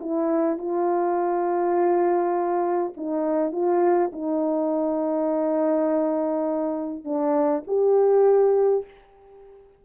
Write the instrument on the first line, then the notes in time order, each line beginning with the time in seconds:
horn
0.00 E4
0.57 F4
2.97 D#4
3.52 F4
4.12 D#4
7.04 D4
7.67 G4